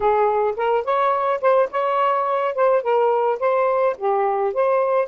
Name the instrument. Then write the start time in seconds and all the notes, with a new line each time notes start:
saxophone
0.00 G#4
0.56 A#4
0.84 C#5
1.41 C5
1.71 C#5
2.54 C5
2.82 A#4
3.39 C5
3.97 G4
4.53 C5